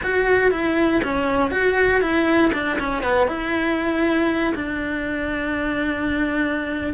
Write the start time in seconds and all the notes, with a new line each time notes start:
0.03 F#4
0.51 E4
1.03 C#4
1.50 F#4
2.01 E4
2.53 D4
2.79 C#4
3.03 B3
3.27 E4
4.54 D4